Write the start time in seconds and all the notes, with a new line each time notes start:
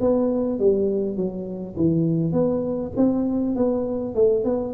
0.00 B3
0.59 G3
1.16 F#3
1.76 E3
2.32 B3
2.96 C4
3.55 B3
4.14 A3
4.44 B3